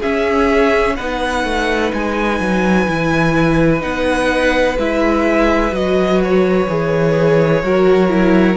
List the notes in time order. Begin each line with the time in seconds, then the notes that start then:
0.00 C#4 G#4 E5
0.96 B3 D#4 B4 F#5
1.45 A3
1.93 G#3 G#5
2.40 F#3
2.88 E3 E4
3.80 B3 D#4 F#5
4.78 G#3 E4 E5
5.72 F#3 F#4 D#5
6.23 C#5
6.69 E3 G#4
7.63 F#3 F#4 A#4
8.09 E4